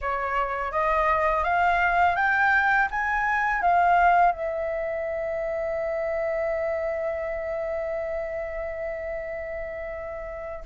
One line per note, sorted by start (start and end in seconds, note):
0.01 0.71 C#5
0.71 1.44 D#5
1.44 2.16 F5
2.16 2.88 G5
2.90 3.61 G#5
3.61 4.31 F5
4.31 10.64 E5